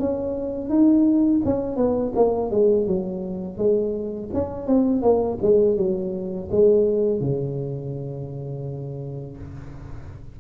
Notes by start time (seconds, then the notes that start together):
0.00 C#4
0.70 D#4
1.45 C#4
1.77 B3
2.16 A#3
2.51 G#3
2.87 F#3
3.58 G#3
4.34 C#4
4.67 C4
5.02 A#3
5.42 G#3
5.77 F#3
6.52 G#3
7.21 C#3